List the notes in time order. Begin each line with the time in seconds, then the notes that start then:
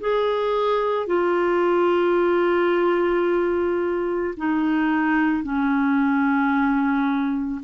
0.00 G#4
1.07 F4
4.37 D#4
5.43 C#4